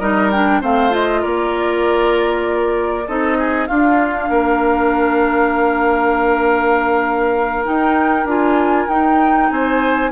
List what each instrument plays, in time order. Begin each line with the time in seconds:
0.00 bassoon G3, clarinet D#4, oboe A#4, flute D#5
0.31 clarinet D4, flute G5
0.61 bassoon A3, clarinet C4, oboe C5, flute F5
0.91 clarinet F4, flute D#5
1.22 bassoon A#3, oboe A#4, flute D5
3.08 bassoon C4, clarinet D#4, oboe A4, flute D#5
3.39 oboe G#4
3.67 clarinet D4, bassoon D4, oboe F4, flute F5
4.30 bassoon A#3, oboe A#4
7.66 clarinet D#4, bassoon D#4, flute G5
8.25 bassoon D4, clarinet F4, flute G#5
8.89 bassoon D#4, clarinet D#4, flute G5
9.51 bassoon C4, oboe C5, flute G#5